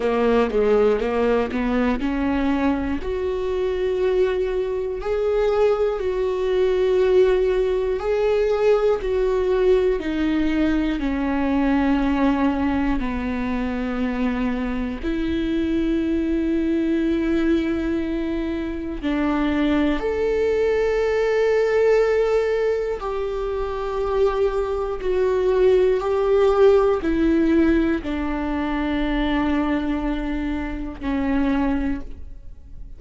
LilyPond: \new Staff \with { instrumentName = "viola" } { \time 4/4 \tempo 4 = 60 ais8 gis8 ais8 b8 cis'4 fis'4~ | fis'4 gis'4 fis'2 | gis'4 fis'4 dis'4 cis'4~ | cis'4 b2 e'4~ |
e'2. d'4 | a'2. g'4~ | g'4 fis'4 g'4 e'4 | d'2. cis'4 | }